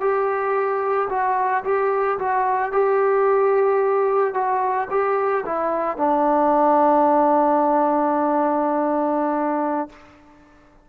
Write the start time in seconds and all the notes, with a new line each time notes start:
0.00 G4
1.09 F#4
1.64 G4
2.18 F#4
2.71 G4
4.34 F#4
4.90 G4
5.45 E4
5.97 D4